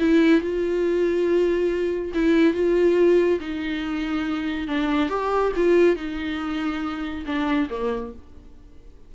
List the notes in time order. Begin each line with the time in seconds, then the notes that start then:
0.00 E4
0.41 F4
2.14 E4
2.54 F4
3.40 D#4
4.68 D4
5.10 G4
5.56 F4
5.96 D#4
7.26 D4
7.70 A#3